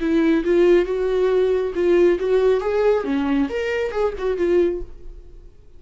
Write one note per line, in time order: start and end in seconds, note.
0.00 0.44 E4
0.44 0.85 F4
0.85 1.73 F#4
1.75 2.19 F4
2.19 2.61 F#4
2.61 3.04 G#4
3.04 3.48 C#4
3.49 3.91 A#4
3.91 4.13 G#4
4.18 4.37 F#4
4.37 4.81 F4